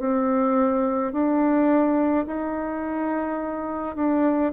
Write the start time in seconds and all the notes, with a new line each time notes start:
0.00 C4
1.13 D4
2.26 D#4
3.96 D4